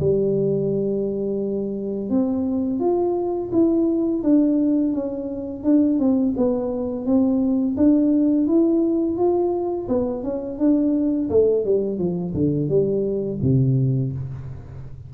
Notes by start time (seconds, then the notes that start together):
0.00 G3
2.10 C4
2.80 F4
3.52 E4
4.24 D4
4.93 C#4
5.64 D4
5.99 C4
6.37 B3
7.06 C4
7.77 D4
8.47 E4
9.17 F4
9.89 B3
10.23 C#4
10.59 D4
11.30 A3
11.65 G3
11.99 F3
12.34 D3
12.69 G3
13.42 C3